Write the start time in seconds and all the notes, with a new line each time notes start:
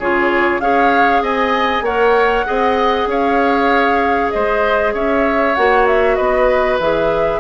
0.00 C#3 F4 G#4 C#5
0.61 C#4 G#4 C#5 F5
1.22 C4 D#5 G#5
1.82 A#3 A#4 C#5 F#5
2.46 C4 G#4 D#5
3.07 C#4 C#5 F5
4.31 G#3 C5 D#5
4.94 C#4 C#5 E5
5.56 A#3 F#4 F#5
5.87 E5
6.16 B3 B4 D#5
6.80 E3 G#4 E5